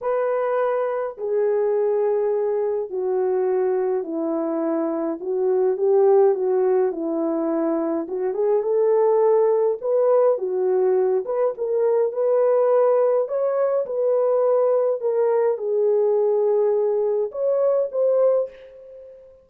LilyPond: \new Staff \with { instrumentName = "horn" } { \time 4/4 \tempo 4 = 104 b'2 gis'2~ | gis'4 fis'2 e'4~ | e'4 fis'4 g'4 fis'4 | e'2 fis'8 gis'8 a'4~ |
a'4 b'4 fis'4. b'8 | ais'4 b'2 cis''4 | b'2 ais'4 gis'4~ | gis'2 cis''4 c''4 | }